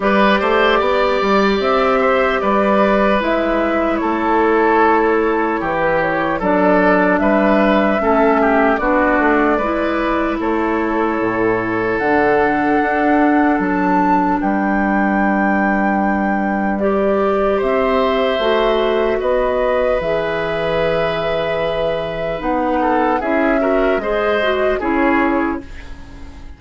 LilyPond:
<<
  \new Staff \with { instrumentName = "flute" } { \time 4/4 \tempo 4 = 75 d''2 e''4 d''4 | e''4 cis''2~ cis''16 b'16 cis''8 | d''4 e''2 d''4~ | d''4 cis''2 fis''4~ |
fis''4 a''4 g''2~ | g''4 d''4 e''2 | dis''4 e''2. | fis''4 e''4 dis''4 cis''4 | }
  \new Staff \with { instrumentName = "oboe" } { \time 4/4 b'8 c''8 d''4. c''8 b'4~ | b'4 a'2 g'4 | a'4 b'4 a'8 g'8 fis'4 | b'4 a'2.~ |
a'2 b'2~ | b'2 c''2 | b'1~ | b'8 a'8 gis'8 ais'8 c''4 gis'4 | }
  \new Staff \with { instrumentName = "clarinet" } { \time 4/4 g'1 | e'1 | d'2 cis'4 d'4 | e'2. d'4~ |
d'1~ | d'4 g'2 fis'4~ | fis'4 gis'2. | dis'4 e'8 fis'8 gis'8 fis'8 e'4 | }
  \new Staff \with { instrumentName = "bassoon" } { \time 4/4 g8 a8 b8 g8 c'4 g4 | gis4 a2 e4 | fis4 g4 a4 b8 a8 | gis4 a4 a,4 d4 |
d'4 fis4 g2~ | g2 c'4 a4 | b4 e2. | b4 cis'4 gis4 cis'4 | }
>>